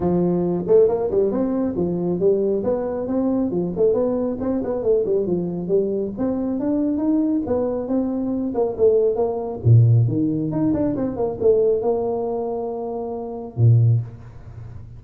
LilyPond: \new Staff \with { instrumentName = "tuba" } { \time 4/4 \tempo 4 = 137 f4. a8 ais8 g8 c'4 | f4 g4 b4 c'4 | f8 a8 b4 c'8 b8 a8 g8 | f4 g4 c'4 d'4 |
dis'4 b4 c'4. ais8 | a4 ais4 ais,4 dis4 | dis'8 d'8 c'8 ais8 a4 ais4~ | ais2. ais,4 | }